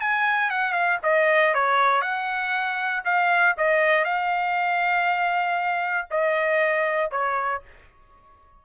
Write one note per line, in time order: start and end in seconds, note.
0.00 0.50 G#5
0.50 0.73 F#5
0.73 0.98 F5
1.03 1.54 D#5
1.54 2.01 C#5
2.01 3.03 F#5
3.05 3.55 F5
3.57 4.04 D#5
4.04 6.08 F5
6.10 7.11 D#5
7.11 7.62 C#5